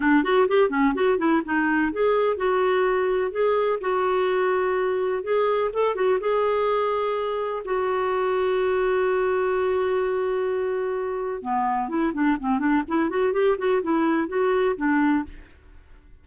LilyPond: \new Staff \with { instrumentName = "clarinet" } { \time 4/4 \tempo 4 = 126 d'8 fis'8 g'8 cis'8 fis'8 e'8 dis'4 | gis'4 fis'2 gis'4 | fis'2. gis'4 | a'8 fis'8 gis'2. |
fis'1~ | fis'1 | b4 e'8 d'8 c'8 d'8 e'8 fis'8 | g'8 fis'8 e'4 fis'4 d'4 | }